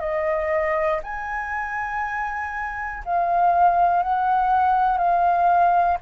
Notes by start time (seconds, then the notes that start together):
0.00 D#5
1.03 G#5
3.05 F5
4.03 F#5
4.97 F5